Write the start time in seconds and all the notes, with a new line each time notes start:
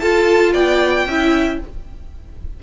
0.00 F4 A4 A5
0.54 B3 D5 G5
1.06 C#4 E4 E5